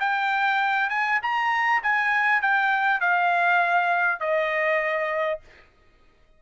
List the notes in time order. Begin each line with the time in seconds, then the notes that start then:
0.00 G5
0.89 G#5
1.22 A#5
1.83 G#5
2.41 G5
3.00 F5
4.20 D#5